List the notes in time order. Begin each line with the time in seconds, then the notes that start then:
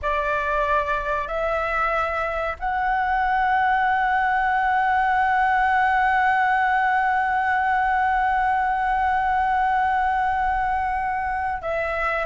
0.01 D5
1.27 E5
2.59 F#5
11.61 E5